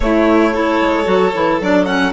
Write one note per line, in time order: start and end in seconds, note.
0.00 0.80 A3
0.00 0.53 A3
0.00 0.54 E4
0.00 1.59 C#5
0.53 1.04 E4
0.53 2.12 A4
0.81 1.06 G#3
1.04 1.33 F#3
1.04 1.31 F#4
1.34 1.60 E3
1.34 1.60 E4
1.60 2.12 F#3
1.60 1.85 D4
1.60 1.85 D5
1.85 2.12 C#4
1.85 2.12 F#5